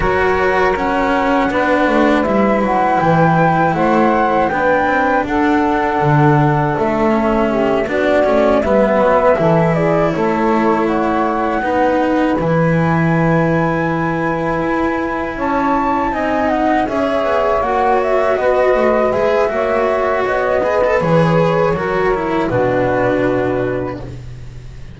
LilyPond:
<<
  \new Staff \with { instrumentName = "flute" } { \time 4/4 \tempo 4 = 80 cis''4 fis''2 e''8 fis''8 | g''4 fis''4 g''4 fis''4~ | fis''4 e''4. d''4 e''8~ | e''4 d''8 cis''4 fis''4.~ |
fis''8 gis''2.~ gis''8~ | gis''8 a''4 gis''8 fis''8 e''4 fis''8 | e''8 dis''4 e''4. dis''4 | cis''2 b'2 | }
  \new Staff \with { instrumentName = "saxophone" } { \time 4/4 ais'2 b'2~ | b'4 c''4 b'4 a'4~ | a'2 g'8 fis'4 b'8~ | b'8 a'8 gis'8 a'4 cis''4 b'8~ |
b'1~ | b'8 cis''4 dis''4 cis''4.~ | cis''8 b'4. cis''4. b'8~ | b'4 ais'4 fis'2 | }
  \new Staff \with { instrumentName = "cello" } { \time 4/4 fis'4 cis'4 d'4 e'4~ | e'2 d'2~ | d'4. cis'4 d'8 cis'8 b8~ | b8 e'2. dis'8~ |
dis'8 e'2.~ e'8~ | e'4. dis'4 gis'4 fis'8~ | fis'4. gis'8 fis'4. gis'16 a'16 | gis'4 fis'8 e'8 d'2 | }
  \new Staff \with { instrumentName = "double bass" } { \time 4/4 fis2 b8 a8 g8 fis8 | e4 a4 b8 c'8 d'4 | d4 a4. b8 a8 g8 | fis8 e4 a2 b8~ |
b8 e2. e'8~ | e'8 cis'4 c'4 cis'8 b8 ais8~ | ais8 b8 a8 gis8 ais4 b4 | e4 fis4 b,2 | }
>>